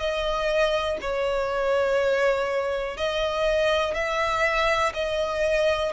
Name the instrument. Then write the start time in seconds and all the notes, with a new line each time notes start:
violin
0.00 D#5
1.01 C#5
2.97 D#5
3.95 E5
4.94 D#5